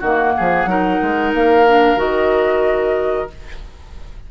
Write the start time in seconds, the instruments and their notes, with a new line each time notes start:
0.00 bassoon D#3, clarinet A#3, oboe F#4, flute F#5
0.37 bassoon F3, oboe G#4
0.66 bassoon F#3, clarinet D#4, oboe A#4
1.02 bassoon G#3
1.34 bassoon A#3, flute F5
1.67 clarinet D4
1.96 bassoon D#3, clarinet F#4, flute D#5